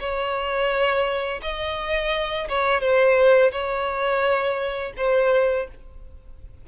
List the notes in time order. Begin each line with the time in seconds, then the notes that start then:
0.00 C#5
1.42 D#5
2.49 C#5
2.81 C5
3.52 C#5
4.97 C5